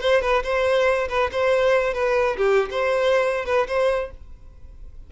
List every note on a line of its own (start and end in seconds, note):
0.00 0.21 C5
0.21 0.43 B4
0.43 1.08 C5
1.08 1.30 B4
1.31 1.93 C5
1.93 2.36 B4
2.37 2.69 G4
2.70 3.45 C5
3.45 3.67 B4
3.67 4.10 C5